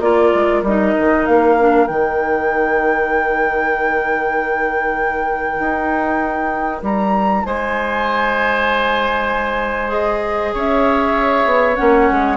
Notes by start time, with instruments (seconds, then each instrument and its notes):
0.00 bassoon A#3, clarinet F4, oboe A#4, flute D5
0.34 bassoon G#3
0.62 bassoon G3, clarinet D#4, flute D#5
0.98 bassoon D#3
1.26 bassoon A#3, flute F5
1.59 clarinet D4
1.87 bassoon D#3, clarinet D#4, flute G5
5.59 bassoon D#4
6.82 bassoon G3, flute A#5
7.45 bassoon G#3, oboe C5, flute G#5
9.88 clarinet G#4, flute D#5
10.54 bassoon C#4, oboe C#5, flute E5
11.45 bassoon B3
11.76 bassoon A#3, clarinet C#4, flute F#5
12.11 bassoon G#3